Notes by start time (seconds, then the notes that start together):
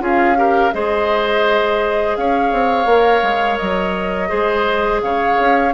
0.00 C#4 F4 G#4 F5
0.36 G4 A#4
0.73 G#3 G#4 C5 D#5
2.16 C#4 C#5 F5
2.52 C4
2.86 A#3 A#4
3.22 G#3
3.57 F#3 D#5
4.28 G#3 G#4 C5
5.02 C#3 C#5 F5
5.39 C#4